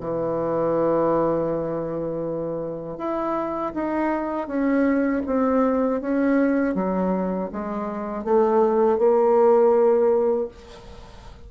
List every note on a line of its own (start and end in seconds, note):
0.00 2.98 E3
2.98 3.73 E4
3.74 4.47 D#4
4.47 5.22 C#4
5.26 6.01 C4
6.01 6.74 C#4
6.74 7.49 F#3
7.52 8.24 G#3
8.24 8.98 A3
8.98 10.48 A#3